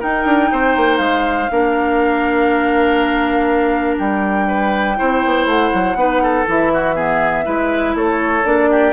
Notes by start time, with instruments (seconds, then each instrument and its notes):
0.00 clarinet D#4, bassoon D#4, oboe A#4, flute G5
0.26 bassoon D4
0.52 bassoon C4, oboe C5
0.77 bassoon A#3
0.98 bassoon G#3, flute F5
1.51 bassoon A#3, clarinet D4, oboe A#4
3.99 bassoon G3, flute G5
4.48 oboe B4
4.97 bassoon C4, clarinet E4, oboe C5
5.25 bassoon B3
5.46 bassoon A3, flute F#5
5.74 bassoon F#3
5.95 bassoon B3, clarinet D#4, oboe B4
6.23 oboe A4
6.47 bassoon E3, clarinet E4, flute E5
6.74 oboe F#4
6.95 clarinet B3, oboe G#4
7.45 bassoon G#3, clarinet E4, oboe B4
7.95 bassoon A3, oboe A4, flute C#5
8.44 bassoon A#3, clarinet D4, flute D5
8.70 oboe G4